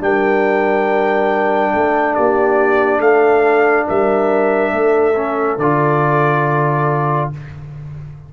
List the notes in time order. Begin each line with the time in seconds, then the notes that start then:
0.00 G3 D4 A#4 G5
1.74 A3 A4
2.15 A#3 G4 D5
3.00 A3 A4 F5
3.87 G3 A#4 E5
4.72 A3 A4
5.16 C#4
5.58 D3 F4 D5